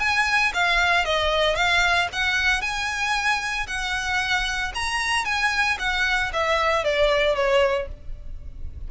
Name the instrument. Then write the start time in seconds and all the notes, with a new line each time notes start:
violin
0.00 G#5
0.54 F5
1.05 D#5
1.56 F5
2.13 F#5
2.62 G#5
3.67 F#5
4.75 A#5
5.25 G#5
5.79 F#5
6.33 E5
6.85 D5
7.36 C#5